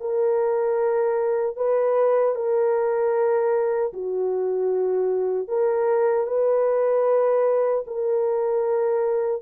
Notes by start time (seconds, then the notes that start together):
0.00 A#4
1.56 B4
2.35 A#4
3.93 F#4
5.48 A#4
6.27 B4
7.87 A#4